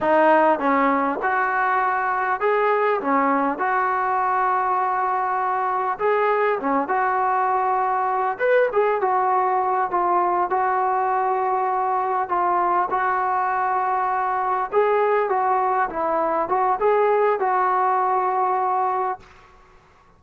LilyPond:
\new Staff \with { instrumentName = "trombone" } { \time 4/4 \tempo 4 = 100 dis'4 cis'4 fis'2 | gis'4 cis'4 fis'2~ | fis'2 gis'4 cis'8 fis'8~ | fis'2 b'8 gis'8 fis'4~ |
fis'8 f'4 fis'2~ fis'8~ | fis'8 f'4 fis'2~ fis'8~ | fis'8 gis'4 fis'4 e'4 fis'8 | gis'4 fis'2. | }